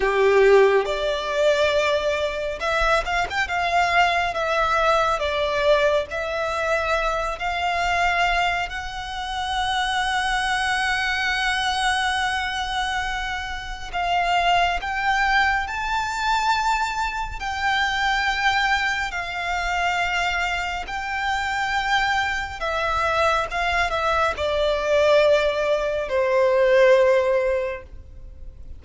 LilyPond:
\new Staff \with { instrumentName = "violin" } { \time 4/4 \tempo 4 = 69 g'4 d''2 e''8 f''16 g''16 | f''4 e''4 d''4 e''4~ | e''8 f''4. fis''2~ | fis''1 |
f''4 g''4 a''2 | g''2 f''2 | g''2 e''4 f''8 e''8 | d''2 c''2 | }